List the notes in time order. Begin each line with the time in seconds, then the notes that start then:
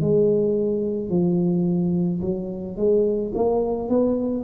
0.00 G#3
1.09 F3
2.21 F#3
2.76 G#3
3.34 A#3
3.88 B3